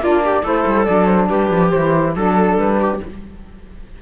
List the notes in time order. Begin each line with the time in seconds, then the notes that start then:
0.00 A#3 D4 F4 D5
0.24 G4
0.43 A3 E4 A4 C5
0.66 G3
0.84 F#3 D4 D5
1.06 C5
1.28 G3 G4 B4
1.51 F3
1.70 E3 E4 C5
2.15 F#3 D4 A4
2.57 G3 B4
2.80 G4